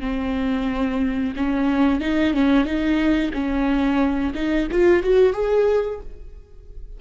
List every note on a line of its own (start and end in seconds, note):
0.00 1.33 C4
1.35 2.00 C#4
2.00 2.33 D#4
2.33 2.64 C#4
2.64 3.31 D#4
3.33 4.33 C#4
4.34 4.68 D#4
4.71 5.03 F4
5.03 5.33 F#4
5.33 5.99 G#4